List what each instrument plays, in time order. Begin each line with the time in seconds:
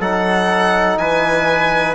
0.00 bassoon F#3, trombone D#4, trumpet A4, violin F#5
0.98 bassoon E3, trumpet B4, violin G#5